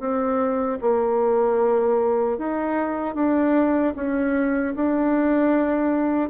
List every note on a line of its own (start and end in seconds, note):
0.00 0.79 C4
0.82 2.39 A#3
2.39 3.15 D#4
3.15 3.94 D4
3.96 4.75 C#4
4.76 6.30 D4